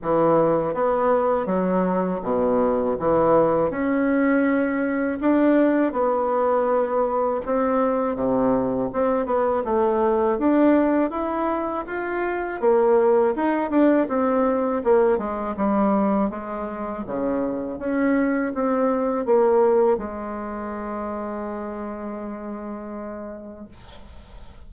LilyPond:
\new Staff \with { instrumentName = "bassoon" } { \time 4/4 \tempo 4 = 81 e4 b4 fis4 b,4 | e4 cis'2 d'4 | b2 c'4 c4 | c'8 b8 a4 d'4 e'4 |
f'4 ais4 dis'8 d'8 c'4 | ais8 gis8 g4 gis4 cis4 | cis'4 c'4 ais4 gis4~ | gis1 | }